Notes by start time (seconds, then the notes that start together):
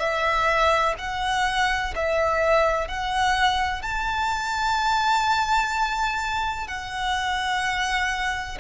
0.00 E5
0.99 F#5
1.96 E5
2.88 F#5
3.83 A5
6.68 F#5